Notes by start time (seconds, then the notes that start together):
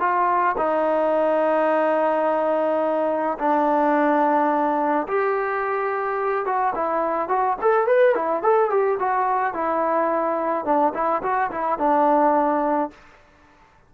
0.00 F4
0.58 D#4
3.39 D4
5.08 G4
6.46 F#4
6.75 E4
7.29 F#4
7.62 A4
7.87 B4
8.15 E4
8.43 A4
8.71 G4
9.00 F#4
9.54 E4
10.65 D4
10.95 E4
11.23 F#4
11.52 E4
11.79 D4